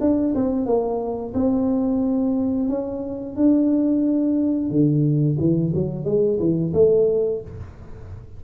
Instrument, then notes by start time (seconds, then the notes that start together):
tuba
0.00 D4
0.35 C4
0.66 A#3
1.34 C4
2.68 C#4
3.36 D4
4.70 D3
5.39 E3
5.74 F#3
6.05 G#3
6.39 E3
6.74 A3